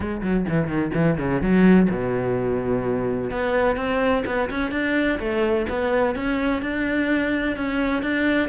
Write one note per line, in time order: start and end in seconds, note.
0.00 0.21 G#3
0.21 0.45 F#3
0.48 0.67 E3
0.67 0.91 D#3
0.94 1.17 E3
1.18 1.41 C#3
1.41 1.89 F#3
1.90 3.30 B2
3.30 3.76 B3
3.76 4.23 C4
4.26 4.49 B3
4.50 4.71 C#4
4.71 5.18 D4
5.19 5.66 A3
5.69 6.15 B3
6.15 6.61 C#4
6.61 7.56 D4
7.56 8.02 C#4
8.02 8.48 D4